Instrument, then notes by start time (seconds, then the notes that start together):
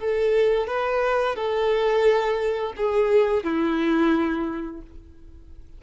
violin
0.00 A4
0.68 B4
1.36 A4
2.77 G#4
3.44 E4